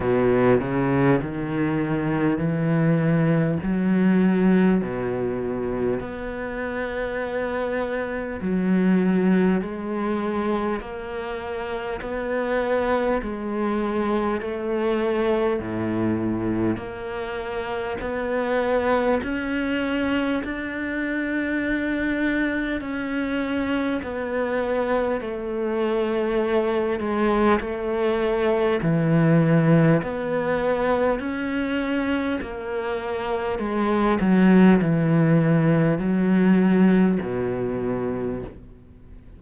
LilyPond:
\new Staff \with { instrumentName = "cello" } { \time 4/4 \tempo 4 = 50 b,8 cis8 dis4 e4 fis4 | b,4 b2 fis4 | gis4 ais4 b4 gis4 | a4 a,4 ais4 b4 |
cis'4 d'2 cis'4 | b4 a4. gis8 a4 | e4 b4 cis'4 ais4 | gis8 fis8 e4 fis4 b,4 | }